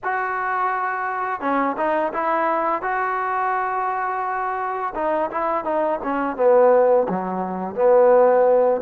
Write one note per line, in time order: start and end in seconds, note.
0.04 1.41 F#4
1.41 1.76 C#4
1.77 2.12 D#4
2.13 2.82 E4
2.82 4.93 F#4
4.94 5.30 D#4
5.30 5.64 E4
5.64 5.99 D#4
6.03 6.36 C#4
6.36 7.07 B3
7.08 7.75 F#3
7.75 8.81 B3